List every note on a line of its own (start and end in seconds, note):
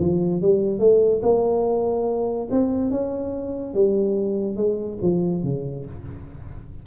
0.00 0.42 F3
0.42 0.80 G3
0.80 1.21 A3
1.23 2.49 A#3
2.51 2.91 C4
2.91 3.74 C#4
3.74 4.57 G3
4.57 4.99 G#3
5.02 5.43 F3
5.43 5.85 C#3